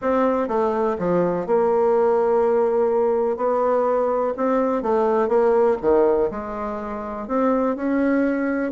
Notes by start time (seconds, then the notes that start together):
0.01 C4
0.48 A3
0.98 F3
1.46 A#3
3.36 B3
4.37 C4
4.82 A3
5.28 A#3
5.81 D#3
6.31 G#3
7.27 C4
7.76 C#4